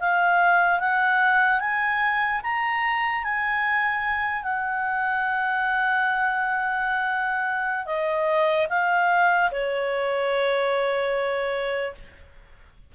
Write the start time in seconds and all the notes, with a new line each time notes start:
0.00 F5
0.79 F#5
1.60 G#5
2.43 A#5
3.24 G#5
4.43 F#5
7.86 D#5
8.70 F5
9.51 C#5